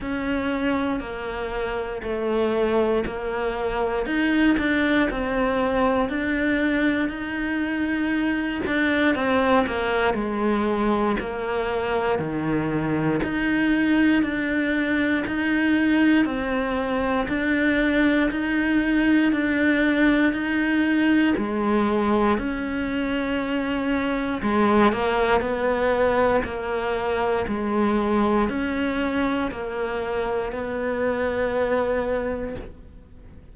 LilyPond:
\new Staff \with { instrumentName = "cello" } { \time 4/4 \tempo 4 = 59 cis'4 ais4 a4 ais4 | dis'8 d'8 c'4 d'4 dis'4~ | dis'8 d'8 c'8 ais8 gis4 ais4 | dis4 dis'4 d'4 dis'4 |
c'4 d'4 dis'4 d'4 | dis'4 gis4 cis'2 | gis8 ais8 b4 ais4 gis4 | cis'4 ais4 b2 | }